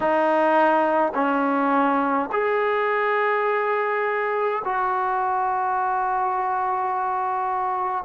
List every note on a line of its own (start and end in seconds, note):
0.00 1.12 D#4
1.14 2.29 C#4
2.32 4.63 G#4
4.64 8.04 F#4